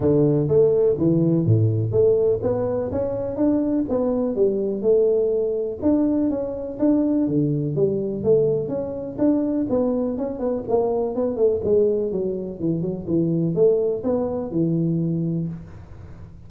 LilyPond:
\new Staff \with { instrumentName = "tuba" } { \time 4/4 \tempo 4 = 124 d4 a4 e4 a,4 | a4 b4 cis'4 d'4 | b4 g4 a2 | d'4 cis'4 d'4 d4 |
g4 a4 cis'4 d'4 | b4 cis'8 b8 ais4 b8 a8 | gis4 fis4 e8 fis8 e4 | a4 b4 e2 | }